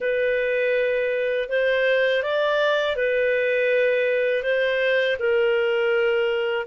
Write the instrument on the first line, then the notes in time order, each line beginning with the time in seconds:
clarinet
0.00 B4
1.48 C5
2.22 D5
2.96 B4
4.42 C5
5.19 A#4